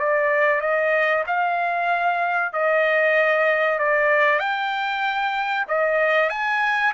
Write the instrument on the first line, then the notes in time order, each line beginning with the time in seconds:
trumpet
0.00 D5
0.61 D#5
1.27 F5
2.53 D#5
3.79 D5
4.40 G5
5.68 D#5
6.30 G#5